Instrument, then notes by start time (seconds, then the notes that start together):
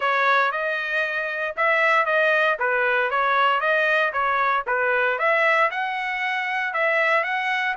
trumpet
0.00 C#5
0.51 D#5
1.56 E5
2.05 D#5
2.59 B4
3.10 C#5
3.60 D#5
4.12 C#5
4.67 B4
5.18 E5
5.70 F#5
6.73 E5
7.23 F#5